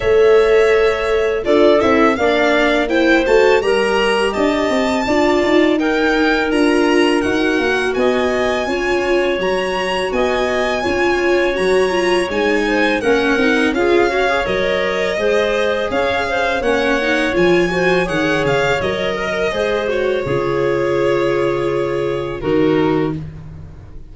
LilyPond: <<
  \new Staff \with { instrumentName = "violin" } { \time 4/4 \tempo 4 = 83 e''2 d''8 e''8 f''4 | g''8 a''8 ais''4 a''2 | g''4 ais''4 fis''4 gis''4~ | gis''4 ais''4 gis''2 |
ais''4 gis''4 fis''4 f''4 | dis''2 f''4 fis''4 | gis''4 fis''8 f''8 dis''4. cis''8~ | cis''2. ais'4 | }
  \new Staff \with { instrumentName = "clarinet" } { \time 4/4 cis''2 a'4 d''4 | c''4 ais'4 dis''4 d''4 | ais'2. dis''4 | cis''2 dis''4 cis''4~ |
cis''4. c''8 ais'4 gis'8 cis''8~ | cis''4 c''4 cis''8 c''8 cis''4~ | cis''8 c''8 cis''4. ais'8 c''4 | gis'2. fis'4 | }
  \new Staff \with { instrumentName = "viola" } { \time 4/4 a'2 f'8 e'8 d'4 | e'8 fis'8 g'2 f'4 | dis'4 f'4 fis'2 | f'4 fis'2 f'4 |
fis'8 f'8 dis'4 cis'8 dis'8 f'8 fis'16 gis'16 | ais'4 gis'2 cis'8 dis'8 | f'8 fis'8 gis'4 ais'4 gis'8 fis'8 | f'2. dis'4 | }
  \new Staff \with { instrumentName = "tuba" } { \time 4/4 a2 d'8 c'8 ais4~ | ais8 a8 g4 d'8 c'8 d'8 dis'8~ | dis'4 d'4 dis'8 ais8 b4 | cis'4 fis4 b4 cis'4 |
fis4 gis4 ais8 c'8 cis'4 | fis4 gis4 cis'4 ais4 | f4 dis8 cis8 fis4 gis4 | cis2. dis4 | }
>>